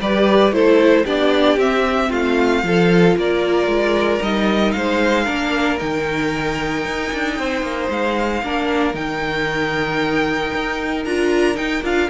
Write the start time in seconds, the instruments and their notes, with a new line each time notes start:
0.00 cello G3, viola G4, violin B4 D5
0.52 cello A3, viola E4, violin A4 C5
1.05 cello B3, viola D4, violin G4 D5
1.58 cello C4, viola C4, violin E5
2.10 cello A3, violin F4 F5
2.64 cello F3, viola F4, violin A4
3.17 cello A#3, violin A#4 D5
3.67 cello G#3
4.22 cello G3, viola D#4, violin D#5
4.72 cello G#3, violin C5 F5
5.24 cello A#3, viola D4, violin A#4
5.79 cello D#3, viola D#4, violin G5
6.86 cello D#4
7.13 cello D4
7.39 cello C4, violin C5
7.63 cello A#3
7.90 cello G#3, violin F5
8.43 cello A#3, viola D4, violin A#4
8.95 cello D#3, viola D#4, violin G5
10.55 cello D#4
11.05 cello D4, viola F4, violin A#5
11.56 viola D#4, cello D#4, violin G5
11.84 cello D4, viola F4, violin F5